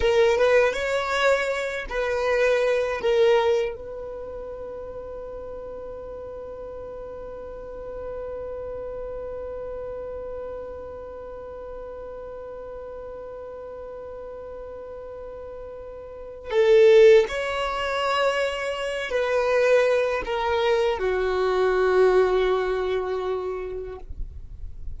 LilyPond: \new Staff \with { instrumentName = "violin" } { \time 4/4 \tempo 4 = 80 ais'8 b'8 cis''4. b'4. | ais'4 b'2.~ | b'1~ | b'1~ |
b'1~ | b'2 a'4 cis''4~ | cis''4. b'4. ais'4 | fis'1 | }